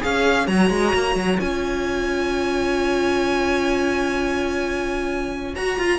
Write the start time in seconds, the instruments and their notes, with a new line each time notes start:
0.00 cello C#4, viola G#4, violin C#5 F5
0.46 cello F#3, viola F#4, violin A#5
0.70 cello G#3
0.94 cello A#3
1.15 cello F#3
1.38 cello C#4, viola F4, violin G#5
5.53 viola F#4, cello F#4, violin A#5
5.77 viola F4, cello F4